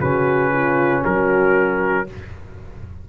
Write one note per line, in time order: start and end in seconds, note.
0.00 1.03 C#3
0.00 2.07 C#4
0.00 0.52 F#4
0.00 1.04 B4
0.53 1.02 F4
1.02 2.09 F#3
1.02 2.05 F#4
1.02 2.08 A#4